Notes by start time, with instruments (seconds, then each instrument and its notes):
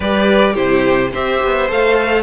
0.00 cello G3, viola G4, violin B4 D5
0.53 cello C3, viola E4, violin G4 C5
1.12 cello C4, viola G4, violin C5 E5
1.43 cello B3
1.68 cello A3, viola A4, violin F5